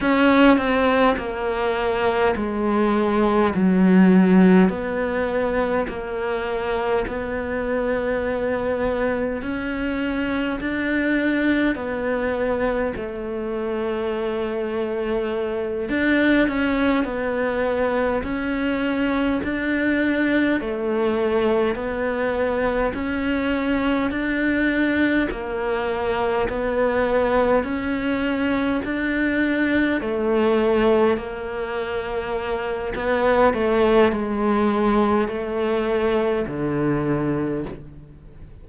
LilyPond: \new Staff \with { instrumentName = "cello" } { \time 4/4 \tempo 4 = 51 cis'8 c'8 ais4 gis4 fis4 | b4 ais4 b2 | cis'4 d'4 b4 a4~ | a4. d'8 cis'8 b4 cis'8~ |
cis'8 d'4 a4 b4 cis'8~ | cis'8 d'4 ais4 b4 cis'8~ | cis'8 d'4 a4 ais4. | b8 a8 gis4 a4 d4 | }